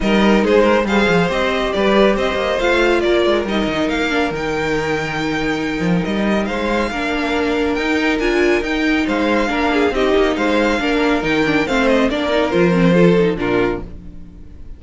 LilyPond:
<<
  \new Staff \with { instrumentName = "violin" } { \time 4/4 \tempo 4 = 139 dis''4 c''4 f''4 dis''4 | d''4 dis''4 f''4 d''4 | dis''4 f''4 g''2~ | g''2 dis''4 f''4~ |
f''2 g''4 gis''4 | g''4 f''2 dis''4 | f''2 g''4 f''8 dis''8 | d''4 c''2 ais'4 | }
  \new Staff \with { instrumentName = "violin" } { \time 4/4 ais'4 gis'8 ais'8 c''2 | b'4 c''2 ais'4~ | ais'1~ | ais'2. c''4 |
ais'1~ | ais'4 c''4 ais'8 gis'8 g'4 | c''4 ais'2 c''4 | ais'2 a'4 f'4 | }
  \new Staff \with { instrumentName = "viola" } { \time 4/4 dis'2 gis'4 g'4~ | g'2 f'2 | dis'4. d'8 dis'2~ | dis'1 |
d'2 dis'4 f'4 | dis'2 d'4 dis'4~ | dis'4 d'4 dis'8 d'8 c'4 | d'8 dis'8 f'8 c'8 f'8 dis'8 d'4 | }
  \new Staff \with { instrumentName = "cello" } { \time 4/4 g4 gis4 g8 f8 c'4 | g4 c'8 ais8 a4 ais8 gis8 | g8 dis8 ais4 dis2~ | dis4. f8 g4 gis4 |
ais2 dis'4 d'4 | dis'4 gis4 ais4 c'8 ais8 | gis4 ais4 dis4 a4 | ais4 f2 ais,4 | }
>>